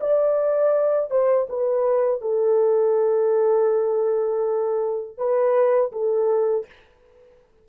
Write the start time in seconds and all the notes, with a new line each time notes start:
0.00 D5
1.10 C5
1.49 B4
2.21 A4
5.18 B4
5.92 A4